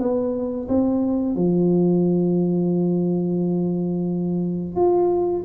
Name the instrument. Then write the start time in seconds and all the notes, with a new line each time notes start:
tuba
0.00 B3
0.69 C4
1.36 F3
4.76 F4